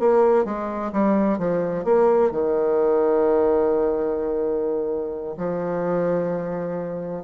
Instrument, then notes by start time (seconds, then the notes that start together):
bassoon
0.00 A#3
0.45 G#3
0.93 G3
1.39 F3
1.85 A#3
2.32 D#3
5.38 F3